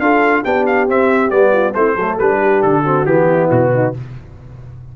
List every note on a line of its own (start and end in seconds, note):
0.00 0.43 D4
0.00 0.45 F4
0.00 0.43 A4
0.00 0.44 F5
0.43 0.89 B3
0.43 0.88 D4
0.43 1.52 G4
0.43 0.66 G5
0.67 0.88 F5
0.88 1.30 C4
0.88 1.31 C4
0.88 1.31 E5
1.30 1.75 G3
1.30 1.74 B3
1.30 1.74 D5
1.53 1.74 F4
1.75 1.97 A3
1.75 1.99 C4
1.75 1.96 E4
1.75 2.18 C5
1.96 2.18 F#3
1.96 2.20 A3
1.96 2.39 A4
2.19 2.63 G3
2.19 2.85 D4
2.19 2.63 B4
2.41 2.83 G4
2.63 3.06 D3
2.63 3.06 A4
2.83 3.07 C4
2.83 3.27 F#4
3.06 3.49 E3
3.06 3.94 B3
3.06 3.50 G4
3.29 3.73 E4
3.51 3.95 B2
3.51 3.94 F#4
3.75 3.97 D#4